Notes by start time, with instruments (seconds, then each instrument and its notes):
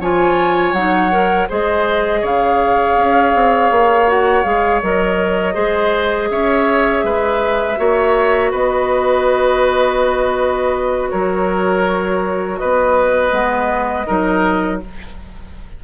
0.00 bassoon F3, clarinet F4, oboe C#5, flute G#5
0.73 bassoon F#3, clarinet D#4, flute F#5
1.12 clarinet A#4
1.49 bassoon G#3, clarinet G#4, oboe C5, flute D#5
2.21 bassoon C#3, oboe C#5, flute F5
2.97 bassoon C#4
3.34 bassoon C4
3.71 bassoon A#3
4.07 clarinet F#4, flute F#5
4.44 bassoon G#3, clarinet G#4, flute F5
4.82 bassoon F#3, clarinet A#4, flute D#5
5.54 bassoon G#3, clarinet G#4, oboe C5
6.30 bassoon C#4, oboe C#5, flute E5
7.04 bassoon G#3, oboe B4
7.77 bassoon A#3, clarinet F#4, oboe C#5
8.51 bassoon B3, oboe B4, flute D#5
11.10 bassoon F#3, oboe A#4, flute C#5
12.58 bassoon B3, oboe B4, flute D#5
13.31 bassoon G#3, clarinet B3
14.06 bassoon F#3, clarinet D#4, oboe A#4